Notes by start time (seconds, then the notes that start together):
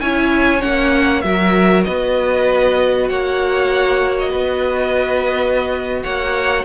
0.00 C#4 E4 C#5 G#5
0.61 A#3 C#4 F#5
1.21 F#3 F#4 A#4 E5
1.85 B3 B4 D#5
3.09 A#3 C#5 F#5
4.19 D#5
4.30 B3 B4
6.03 A#3 C#5 F#5